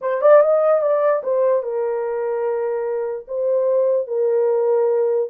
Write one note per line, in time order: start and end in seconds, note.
0.01 0.21 C5
0.21 0.42 D5
0.42 0.81 D#5
0.81 1.22 D5
1.23 1.62 C5
1.62 3.26 A#4
3.27 4.07 C5
4.07 5.29 A#4